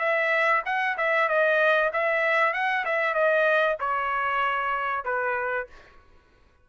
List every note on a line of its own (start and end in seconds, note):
0.00 0.62 E5
0.66 0.97 F#5
0.98 1.29 E5
1.29 1.91 D#5
1.93 2.54 E5
2.54 2.85 F#5
2.86 3.14 E5
3.14 3.77 D#5
3.80 5.05 C#5
5.05 5.68 B4